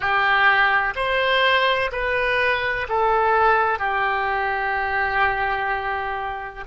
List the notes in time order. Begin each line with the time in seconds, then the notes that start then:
0.00 G4
0.95 C5
1.92 B4
2.88 A4
3.78 G4